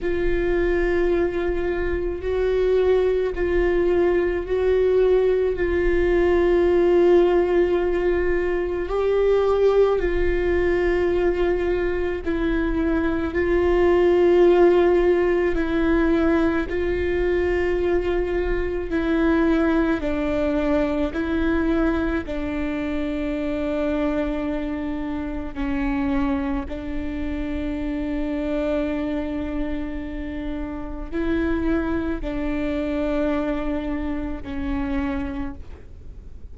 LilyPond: \new Staff \with { instrumentName = "viola" } { \time 4/4 \tempo 4 = 54 f'2 fis'4 f'4 | fis'4 f'2. | g'4 f'2 e'4 | f'2 e'4 f'4~ |
f'4 e'4 d'4 e'4 | d'2. cis'4 | d'1 | e'4 d'2 cis'4 | }